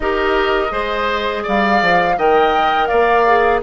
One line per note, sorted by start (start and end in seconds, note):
0.00 0.70 D#4
0.00 0.69 G4
0.00 0.72 A#4
0.00 1.44 D#5
0.69 1.43 G#3
0.69 2.13 G#4
0.69 1.43 C5
1.43 1.82 G3
1.43 2.15 D5
1.43 2.18 F5
1.82 2.17 F3
2.17 2.89 D#3
2.17 3.26 A#4
2.17 2.88 D#5
2.17 2.87 G5
2.87 3.62 A#3
2.87 3.60 D5
2.87 3.59 F5
3.26 3.62 G#4